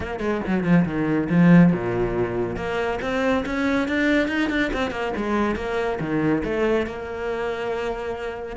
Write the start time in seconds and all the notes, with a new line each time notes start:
0.00 A#3
0.19 G#3
0.46 F#3
0.63 F3
0.85 D#3
1.29 F3
1.72 A#2
2.56 A#3
3.01 C4
3.45 C#4
3.87 D4
4.28 D#4
4.49 D4
4.73 C4
4.91 A#3
5.16 G#3
5.55 A#3
5.99 D#3
6.44 A3
6.86 A#3